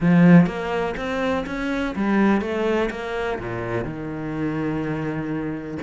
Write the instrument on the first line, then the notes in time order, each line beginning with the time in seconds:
cello
0.00 F3
0.46 A#3
0.97 C4
1.46 C#4
1.95 G3
2.41 A3
2.90 A#3
3.39 A#2
3.84 D#3